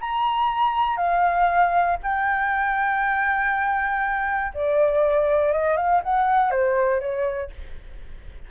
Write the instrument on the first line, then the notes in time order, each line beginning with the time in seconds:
flute
0.00 A#5
0.96 F5
2.02 G5
4.54 D5
5.52 D#5
5.76 F5
6.03 F#5
6.50 C5
7.00 C#5